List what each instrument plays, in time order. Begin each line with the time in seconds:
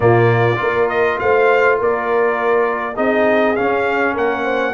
0.00 tuba A#2, trombone A#3, horn F4, trumpet D5
0.56 tuba A#3, trombone F4, horn A#4
0.88 trumpet D#5
1.19 tuba A3, horn C5, trumpet F5
1.78 tuba A#3, horn A#4, trumpet D5
2.95 tuba C4, trombone D#4, horn G#4, trumpet D#5
3.56 trombone C#4, tuba C#4, trumpet F5
4.13 tuba A#3, horn A#4, trumpet F#5
4.43 horn C5